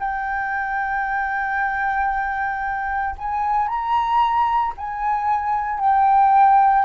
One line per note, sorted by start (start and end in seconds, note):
0.00 3.16 G5
3.18 3.68 G#5
3.68 4.74 A#5
4.78 5.80 G#5
5.80 6.86 G5